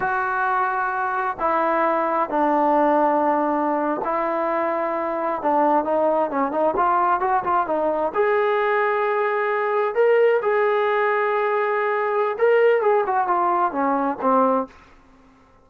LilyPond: \new Staff \with { instrumentName = "trombone" } { \time 4/4 \tempo 4 = 131 fis'2. e'4~ | e'4 d'2.~ | d'8. e'2. d'16~ | d'8. dis'4 cis'8 dis'8 f'4 fis'16~ |
fis'16 f'8 dis'4 gis'2~ gis'16~ | gis'4.~ gis'16 ais'4 gis'4~ gis'16~ | gis'2. ais'4 | gis'8 fis'8 f'4 cis'4 c'4 | }